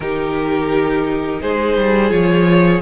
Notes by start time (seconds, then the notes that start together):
0.00 D#3 D#4 G4 A#4
1.41 G#3 G#4 C5
1.76 G3
2.09 F3 F4 C#5